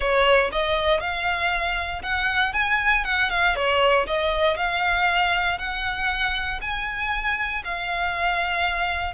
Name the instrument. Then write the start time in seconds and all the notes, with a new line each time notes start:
violin
0.00 C#5
0.52 D#5
1.00 F5
2.02 F#5
2.53 G#5
3.04 F#5
3.30 F5
3.55 C#5
4.06 D#5
4.56 F5
5.58 F#5
6.61 G#5
7.64 F5